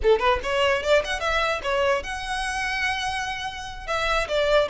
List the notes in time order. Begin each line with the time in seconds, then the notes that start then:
0.02 A4
0.19 B4
0.43 C#5
0.83 D5
1.04 F#5
1.20 E5
1.62 C#5
2.03 F#5
3.87 E5
4.28 D5